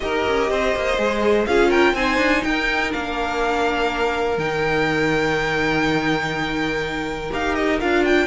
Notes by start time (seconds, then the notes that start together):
0.00 D#4 G4 A#4 D#5
0.27 C#4
0.50 C4 C5
0.75 A#3
0.97 G#3 G#4
1.46 C#4 F4 G#4 F5
1.69 A#4 G5
1.94 C4 D#4 C5 G#5
2.17 D4
2.43 D#4 A#4 G5
2.90 A#3 D4 F5
4.37 D#3 D#4 G5
7.30 D#4 G4 F5
7.54 D#5
7.80 D4 F4 F5
8.04 G5